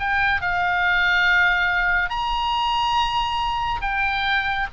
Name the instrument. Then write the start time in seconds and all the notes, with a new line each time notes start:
oboe
0.00 G5
0.42 F5
2.10 A#5
3.82 G5